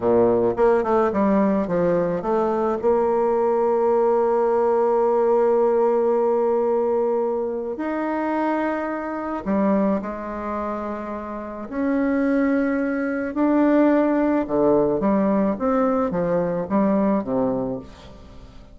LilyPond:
\new Staff \with { instrumentName = "bassoon" } { \time 4/4 \tempo 4 = 108 ais,4 ais8 a8 g4 f4 | a4 ais2.~ | ais1~ | ais2 dis'2~ |
dis'4 g4 gis2~ | gis4 cis'2. | d'2 d4 g4 | c'4 f4 g4 c4 | }